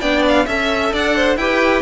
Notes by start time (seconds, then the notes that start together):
0.00 B3 D4 D5 G5
0.28 F5
0.46 C#4 A4 E5
0.93 D4 D5 F#5
1.16 C5
1.36 E4 G4 B4 G5